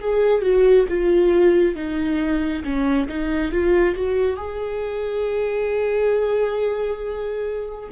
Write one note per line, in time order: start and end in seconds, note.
0.00 0.42 G#4
0.42 0.86 F#4
0.88 1.75 F4
1.75 2.64 D#4
2.64 3.08 C#4
3.08 3.52 D#4
3.52 3.95 F4
3.95 4.37 F#4
4.37 7.90 G#4